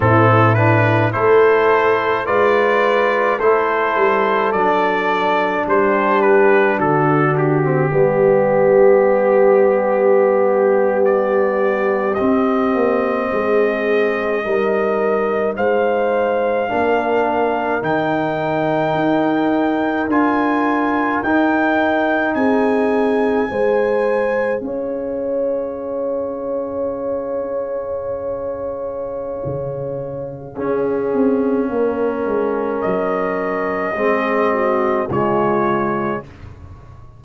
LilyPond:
<<
  \new Staff \with { instrumentName = "trumpet" } { \time 4/4 \tempo 4 = 53 a'8 b'8 c''4 d''4 c''4 | d''4 c''8 b'8 a'8 g'4.~ | g'4.~ g'16 d''4 dis''4~ dis''16~ | dis''4.~ dis''16 f''2 g''16~ |
g''4.~ g''16 gis''4 g''4 gis''16~ | gis''4.~ gis''16 f''2~ f''16~ | f''1~ | f''4 dis''2 cis''4 | }
  \new Staff \with { instrumentName = "horn" } { \time 4/4 e'4 a'4 b'4 a'4~ | a'4 g'4 fis'4 g'4~ | g'2.~ g'8. gis'16~ | gis'8. ais'4 c''4 ais'4~ ais'16~ |
ais'2.~ ais'8. gis'16~ | gis'8. c''4 cis''2~ cis''16~ | cis''2. gis'4 | ais'2 gis'8 fis'8 f'4 | }
  \new Staff \with { instrumentName = "trombone" } { \time 4/4 c'8 d'8 e'4 f'4 e'4 | d'2~ d'8. c'16 b4~ | b2~ b8. c'4~ c'16~ | c'8. dis'2 d'4 dis'16~ |
dis'4.~ dis'16 f'4 dis'4~ dis'16~ | dis'8. gis'2.~ gis'16~ | gis'2. cis'4~ | cis'2 c'4 gis4 | }
  \new Staff \with { instrumentName = "tuba" } { \time 4/4 a,4 a4 gis4 a8 g8 | fis4 g4 d4 g4~ | g2~ g8. c'8 ais8 gis16~ | gis8. g4 gis4 ais4 dis16~ |
dis8. dis'4 d'4 dis'4 c'16~ | c'8. gis4 cis'2~ cis'16~ | cis'2 cis4 cis'8 c'8 | ais8 gis8 fis4 gis4 cis4 | }
>>